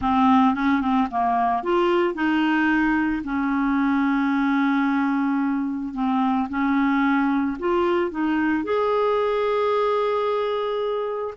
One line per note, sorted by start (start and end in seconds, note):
0.01 0.54 C4
0.54 0.81 C#4
0.81 1.08 C4
1.11 1.63 A#3
1.63 2.14 F4
2.14 3.22 D#4
3.24 5.94 C#4
5.94 6.48 C4
6.49 7.57 C#4
7.59 8.11 F4
8.11 8.64 D#4
8.64 11.34 G#4